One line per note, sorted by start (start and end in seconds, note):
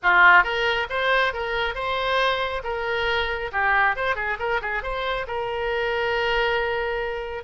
0.02 0.43 F4
0.43 0.87 A#4
0.89 1.33 C5
1.33 1.74 A#4
1.74 2.62 C5
2.63 3.51 A#4
3.52 3.96 G4
3.96 4.15 C5
4.15 4.37 G#4
4.39 4.61 A#4
4.61 4.82 G#4
4.82 5.26 C5
5.27 7.43 A#4